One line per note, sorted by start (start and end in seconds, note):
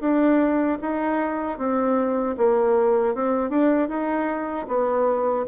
0.00 0.78 D4
0.81 1.58 D#4
1.58 2.36 C4
2.37 3.15 A#3
3.15 3.50 C4
3.50 3.88 D4
3.88 4.66 D#4
4.68 5.45 B3